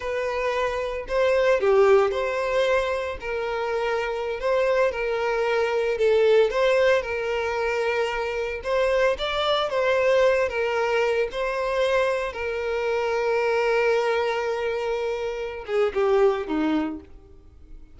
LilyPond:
\new Staff \with { instrumentName = "violin" } { \time 4/4 \tempo 4 = 113 b'2 c''4 g'4 | c''2 ais'2~ | ais'16 c''4 ais'2 a'8.~ | a'16 c''4 ais'2~ ais'8.~ |
ais'16 c''4 d''4 c''4. ais'16~ | ais'4~ ais'16 c''2 ais'8.~ | ais'1~ | ais'4. gis'8 g'4 dis'4 | }